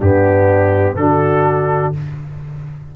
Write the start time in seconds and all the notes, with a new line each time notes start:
0.00 G2 B3 D4 G4
0.96 D3 D4 F#4 A4